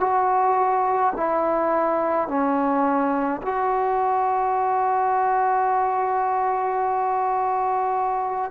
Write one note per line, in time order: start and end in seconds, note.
0.00 1.13 F#4
1.16 2.28 E4
2.28 3.41 C#4
3.42 8.51 F#4